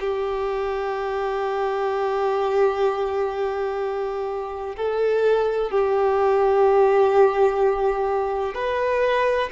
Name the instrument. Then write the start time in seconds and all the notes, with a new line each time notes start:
violin
0.00 G4
4.77 A4
5.71 G4
8.54 B4